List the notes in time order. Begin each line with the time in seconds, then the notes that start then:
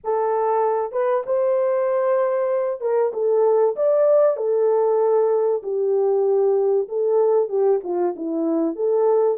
0.03 A4
0.92 B4
1.26 C5
2.80 A#4
3.13 A4
3.76 D5
4.36 A4
5.62 G4
6.88 A4
7.49 G4
7.83 F4
8.16 E4
8.75 A4